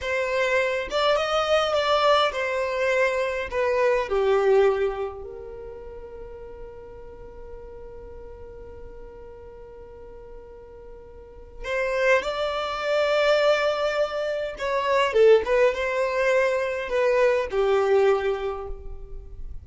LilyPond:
\new Staff \with { instrumentName = "violin" } { \time 4/4 \tempo 4 = 103 c''4. d''8 dis''4 d''4 | c''2 b'4 g'4~ | g'4 ais'2.~ | ais'1~ |
ais'1 | c''4 d''2.~ | d''4 cis''4 a'8 b'8 c''4~ | c''4 b'4 g'2 | }